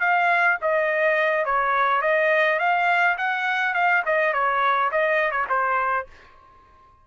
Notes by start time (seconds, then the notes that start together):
0.00 F5
0.62 D#5
1.45 C#5
2.02 D#5
2.59 F5
3.18 F#5
3.74 F5
4.06 D#5
4.33 C#5
4.92 D#5
5.32 C#5
5.49 C5